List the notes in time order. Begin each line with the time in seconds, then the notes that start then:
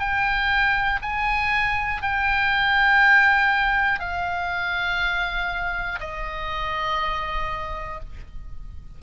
0.00 G5
1.02 G#5
2.02 G5
4.00 F5
6.00 D#5